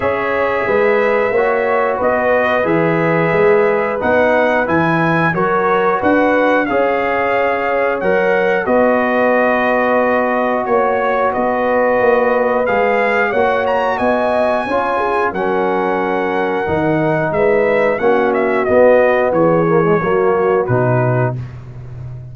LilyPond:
<<
  \new Staff \with { instrumentName = "trumpet" } { \time 4/4 \tempo 4 = 90 e''2. dis''4 | e''2 fis''4 gis''4 | cis''4 fis''4 f''2 | fis''4 dis''2. |
cis''4 dis''2 f''4 | fis''8 ais''8 gis''2 fis''4~ | fis''2 e''4 fis''8 e''8 | dis''4 cis''2 b'4 | }
  \new Staff \with { instrumentName = "horn" } { \time 4/4 cis''4 b'4 cis''4 b'4~ | b'1 | ais'4 b'4 cis''2~ | cis''4 b'2. |
cis''4 b'2. | cis''4 dis''4 cis''8 gis'8 ais'4~ | ais'2 b'4 fis'4~ | fis'4 gis'4 fis'2 | }
  \new Staff \with { instrumentName = "trombone" } { \time 4/4 gis'2 fis'2 | gis'2 dis'4 e'4 | fis'2 gis'2 | ais'4 fis'2.~ |
fis'2. gis'4 | fis'2 f'4 cis'4~ | cis'4 dis'2 cis'4 | b4. ais16 gis16 ais4 dis'4 | }
  \new Staff \with { instrumentName = "tuba" } { \time 4/4 cis'4 gis4 ais4 b4 | e4 gis4 b4 e4 | fis4 d'4 cis'2 | fis4 b2. |
ais4 b4 ais4 gis4 | ais4 b4 cis'4 fis4~ | fis4 dis4 gis4 ais4 | b4 e4 fis4 b,4 | }
>>